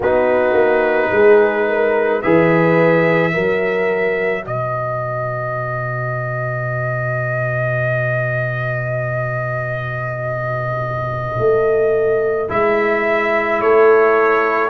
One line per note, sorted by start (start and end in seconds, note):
0.00 0.53 B3
0.00 2.23 D#4
0.00 1.11 F#4
0.00 2.22 B4
0.53 1.09 A#3
1.11 2.22 G#3
1.11 1.68 G#4
1.68 2.23 A#4
2.22 3.35 E3
2.22 3.32 G#4
2.22 3.33 B4
2.22 4.44 E5
3.32 4.46 F#3
3.32 12.48 F#4
3.32 4.43 A#4
4.43 11.38 B2
4.43 13.60 B4
4.43 12.50 D#5
11.38 12.49 A3
12.48 13.60 G#3
12.48 14.69 E4
12.48 13.61 E5
13.60 14.69 A3
13.60 14.69 A4
13.60 14.69 C#5